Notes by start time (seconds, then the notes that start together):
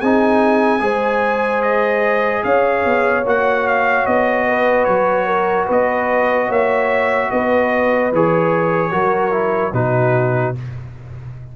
0.00 C4 D#4 G#4 G#5
0.80 G#3 G#4 C5
1.62 D#5
2.43 C#4 C#5 F5
2.85 B3
3.25 A#3 F#4 F#5
3.67 F5
4.06 B3 D#5
4.47 B4
4.84 F#3 C#5
5.26 A#4
5.66 B3 B4 D#5
6.48 A#3 C#5 E5
7.31 B3 B4 D#5
8.12 E3 G#4 C#5
8.91 F#3 F#4 A#4
9.31 E4
9.73 B2 D#4 F#4 B4